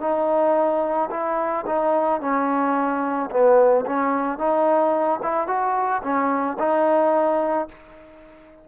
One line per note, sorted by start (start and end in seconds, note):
0.00 1.09 D#4
1.11 1.65 E4
1.66 2.21 D#4
2.21 3.30 C#4
3.30 3.85 B3
3.85 4.38 C#4
4.38 5.20 D#4
5.23 5.47 E4
5.47 6.01 F#4
6.02 6.57 C#4
6.59 7.68 D#4